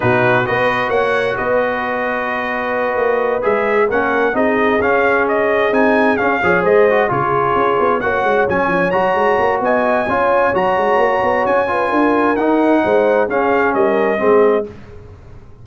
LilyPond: <<
  \new Staff \with { instrumentName = "trumpet" } { \time 4/4 \tempo 4 = 131 b'4 dis''4 fis''4 dis''4~ | dis''2.~ dis''8 e''8~ | e''8 fis''4 dis''4 f''4 dis''8~ | dis''8 gis''4 f''4 dis''4 cis''8~ |
cis''4. fis''4 gis''4 ais''8~ | ais''4 gis''2 ais''4~ | ais''4 gis''2 fis''4~ | fis''4 f''4 dis''2 | }
  \new Staff \with { instrumentName = "horn" } { \time 4/4 fis'4 b'4 cis''4 b'4~ | b'1~ | b'8 ais'4 gis'2~ gis'8~ | gis'2 cis''8 c''4 gis'8~ |
gis'4. cis''2~ cis''8~ | cis''4 dis''4 cis''2~ | cis''4. b'8 ais'2 | c''4 gis'4 ais'4 gis'4 | }
  \new Staff \with { instrumentName = "trombone" } { \time 4/4 dis'4 fis'2.~ | fis'2.~ fis'8 gis'8~ | gis'8 cis'4 dis'4 cis'4.~ | cis'8 dis'4 cis'8 gis'4 fis'8 f'8~ |
f'4. fis'4 cis'4 fis'8~ | fis'2 f'4 fis'4~ | fis'4. f'4. dis'4~ | dis'4 cis'2 c'4 | }
  \new Staff \with { instrumentName = "tuba" } { \time 4/4 b,4 b4 ais4 b4~ | b2~ b8 ais4 gis8~ | gis8 ais4 c'4 cis'4.~ | cis'8 c'4 cis'8 f8 gis4 cis8~ |
cis8 cis'8 b8 ais8 gis8 fis8 f8 fis8 | gis8 ais8 b4 cis'4 fis8 gis8 | ais8 b8 cis'4 d'4 dis'4 | gis4 cis'4 g4 gis4 | }
>>